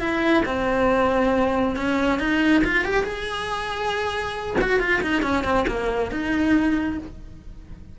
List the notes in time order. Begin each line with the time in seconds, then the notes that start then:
0.00 E4
0.46 C4
1.76 C#4
2.19 D#4
2.64 F4
2.85 G4
3.04 G#4
4.61 F#4
4.80 F4
5.02 D#4
5.22 C#4
5.44 C4
5.68 A#3
6.11 D#4